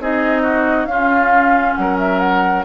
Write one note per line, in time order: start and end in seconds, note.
0.00 0.86 C4
0.00 0.89 D#4
0.00 0.43 G#4
0.00 0.86 D#5
0.43 0.87 F#4
0.86 1.74 C#4
0.86 2.66 C#4
0.86 1.78 F4
0.86 1.74 F5
1.75 2.66 F#3
1.75 2.66 A#4
1.75 1.97 F#5
1.99 2.20 E5
2.20 2.64 F#5